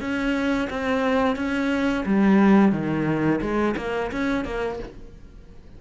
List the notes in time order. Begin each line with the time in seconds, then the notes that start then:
0.00 C#4
0.69 C4
1.36 C#4
2.05 G3
2.72 D#3
3.41 G#3
3.77 A#3
4.12 C#4
4.45 A#3